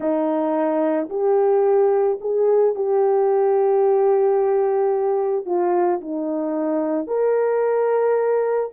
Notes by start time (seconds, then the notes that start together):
0.00 D#4
1.09 G4
2.21 G#4
2.75 G4
5.45 F4
6.00 D#4
7.07 A#4